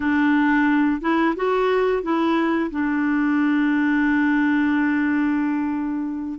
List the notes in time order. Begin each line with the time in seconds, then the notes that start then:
0.00 D4
1.01 E4
1.36 F#4
2.02 E4
2.71 D4